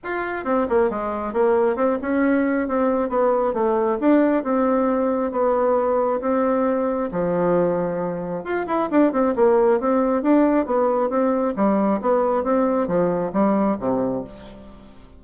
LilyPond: \new Staff \with { instrumentName = "bassoon" } { \time 4/4 \tempo 4 = 135 f'4 c'8 ais8 gis4 ais4 | c'8 cis'4. c'4 b4 | a4 d'4 c'2 | b2 c'2 |
f2. f'8 e'8 | d'8 c'8 ais4 c'4 d'4 | b4 c'4 g4 b4 | c'4 f4 g4 c4 | }